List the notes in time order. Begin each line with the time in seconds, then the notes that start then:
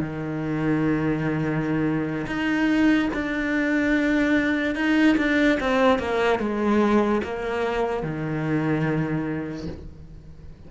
0.00 D#3
2.27 D#4
3.14 D4
4.76 D#4
5.17 D4
5.60 C4
5.99 A#3
6.40 G#3
7.24 A#3
8.03 D#3